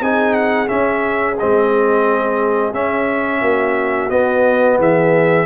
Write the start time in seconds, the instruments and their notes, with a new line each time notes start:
0.00 tuba C4, trombone D#4, horn G#4, trumpet G#5
0.34 trumpet F#5
0.68 trombone C#4, tuba C#4, trumpet E5
1.39 tuba G#3, trombone C4, trumpet D#5
2.73 trombone C#4, tuba C#4, trumpet E5
3.41 tuba A#3, horn F#4
4.10 tuba B3, trombone B3, trumpet D#5
4.78 tuba E3, horn G#4, trumpet E5